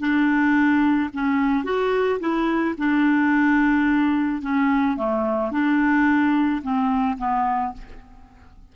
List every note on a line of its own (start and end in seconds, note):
0.00 1.10 D4
1.14 1.65 C#4
1.65 2.20 F#4
2.20 2.75 E4
2.78 4.42 D4
4.42 4.97 C#4
4.97 5.52 A3
5.52 6.62 D4
6.63 7.18 C4
7.18 7.73 B3